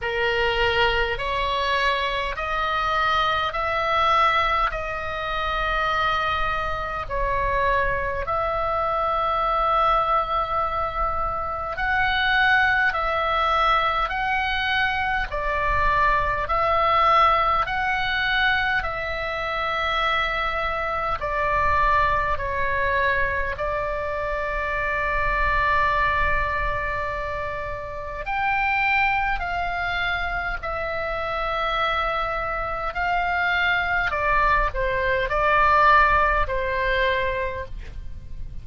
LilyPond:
\new Staff \with { instrumentName = "oboe" } { \time 4/4 \tempo 4 = 51 ais'4 cis''4 dis''4 e''4 | dis''2 cis''4 e''4~ | e''2 fis''4 e''4 | fis''4 d''4 e''4 fis''4 |
e''2 d''4 cis''4 | d''1 | g''4 f''4 e''2 | f''4 d''8 c''8 d''4 c''4 | }